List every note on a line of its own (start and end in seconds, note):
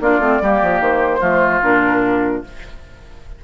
0.00 0.19 A#3
0.00 0.20 D4
0.00 0.42 F4
0.00 0.82 D5
0.19 0.39 A3
0.19 0.41 C4
0.41 0.61 G3
0.41 1.20 A#3
0.41 1.20 G4
0.62 0.80 F3
0.80 1.21 D#3
0.80 1.62 C5
1.20 1.62 F3
1.20 1.61 A3
1.20 2.41 F4
1.62 2.43 A#2
1.62 2.44 D4
1.62 2.43 A#4